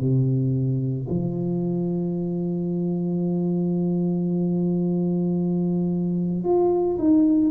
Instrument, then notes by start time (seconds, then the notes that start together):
tuba
0.00 C3
1.09 F3
6.44 F4
6.98 D#4